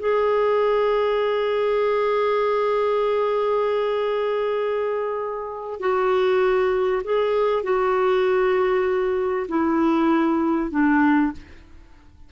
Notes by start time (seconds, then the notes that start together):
0.00 G#4
5.81 F#4
7.04 G#4
7.64 F#4
9.49 E4
10.71 D4